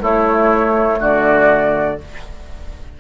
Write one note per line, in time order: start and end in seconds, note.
0.00 1.97 A3
0.00 0.99 A3
0.00 1.00 E4
0.00 1.01 C#5
1.00 1.98 D3
1.00 1.98 F#4
1.00 2.00 D5